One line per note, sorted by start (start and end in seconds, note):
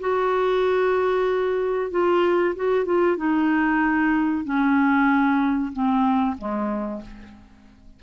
0.00 1.91 F#4
1.91 2.55 F4
2.56 2.85 F#4
2.85 3.17 F4
3.17 4.44 D#4
4.44 5.72 C#4
5.73 6.37 C4
6.38 7.02 G#3